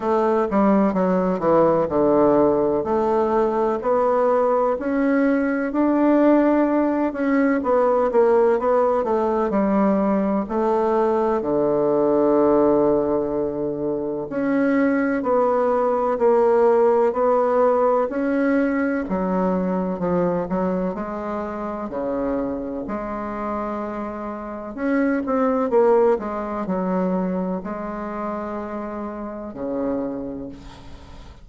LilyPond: \new Staff \with { instrumentName = "bassoon" } { \time 4/4 \tempo 4 = 63 a8 g8 fis8 e8 d4 a4 | b4 cis'4 d'4. cis'8 | b8 ais8 b8 a8 g4 a4 | d2. cis'4 |
b4 ais4 b4 cis'4 | fis4 f8 fis8 gis4 cis4 | gis2 cis'8 c'8 ais8 gis8 | fis4 gis2 cis4 | }